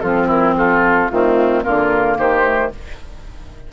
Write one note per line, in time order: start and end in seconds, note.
0.00 1.10 F3
0.00 1.10 C4
0.00 0.27 F4
0.00 0.27 A4
0.27 0.54 E4
0.27 0.56 A#4
0.57 1.11 F4
0.57 1.09 A4
1.09 1.65 D#3
1.09 1.63 A3
1.09 1.64 C4
1.09 1.62 F4
1.63 2.18 D3
1.63 2.43 A#3
1.63 2.18 F4
1.63 2.17 A#4
2.18 2.72 D#3
2.18 2.72 G4
2.18 2.73 C5
2.43 2.70 A3